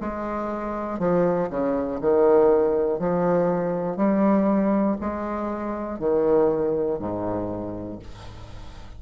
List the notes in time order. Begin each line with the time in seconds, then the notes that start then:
0.00 G#3
0.99 F3
1.50 C#3
2.00 D#3
2.99 F3
3.96 G3
5.00 G#3
5.99 D#3
6.99 G#2